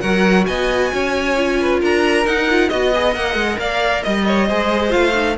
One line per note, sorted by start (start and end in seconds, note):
0.00 0.47 F#3
0.00 1.35 F#4
0.00 0.46 A#4
0.00 0.44 F#5
0.46 0.92 B3
0.46 0.92 D#5
0.46 1.79 G#5
0.93 1.82 C#4
0.93 1.60 C#5
1.36 2.25 F4
1.61 1.80 B4
1.80 2.25 D4
1.80 2.69 A#4
1.80 2.26 A#5
2.25 2.70 D#4
2.25 2.48 D#4
2.25 2.69 F#5
2.49 2.70 F4
2.69 3.16 B3
2.69 2.92 F#4
2.69 3.58 D#5
2.69 3.13 D#5
2.94 3.13 G#4
3.13 3.35 A#3
3.13 4.46 A#4
3.13 3.58 F#5
3.35 3.57 G#3
3.59 4.03 A#3
3.59 4.03 D5
3.59 4.03 F5
4.03 4.50 G3
4.03 4.91 D#5
4.03 4.25 D#5
4.26 4.47 C#5
4.47 4.94 G#3
4.47 4.90 G#4
4.47 5.36 C5
4.90 5.38 A3
4.90 5.12 F4
4.90 5.36 F5
5.14 5.36 D#4